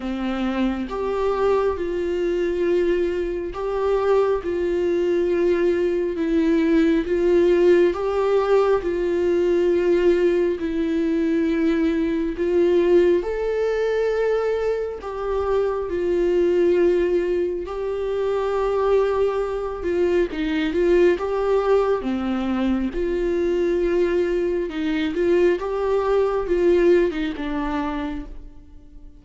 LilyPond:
\new Staff \with { instrumentName = "viola" } { \time 4/4 \tempo 4 = 68 c'4 g'4 f'2 | g'4 f'2 e'4 | f'4 g'4 f'2 | e'2 f'4 a'4~ |
a'4 g'4 f'2 | g'2~ g'8 f'8 dis'8 f'8 | g'4 c'4 f'2 | dis'8 f'8 g'4 f'8. dis'16 d'4 | }